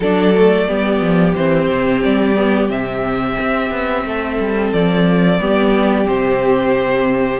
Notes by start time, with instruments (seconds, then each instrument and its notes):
0.00 cello F#3, viola D4, violin A4 D5
0.35 viola A3
0.67 cello G3, viola B3, violin G4
1.01 cello F3
1.34 cello E3, viola C4, violin C5
1.68 cello C3
2.03 cello G3, violin D5
2.36 viola B3
2.68 cello C3, viola C4, violin E5
3.39 cello C4
3.70 cello B3
4.04 cello A3, violin A4
4.38 cello G3
4.73 cello F3, violin D5
5.39 cello G3, viola B3, violin G4
6.05 cello C3, viola C4, violin C5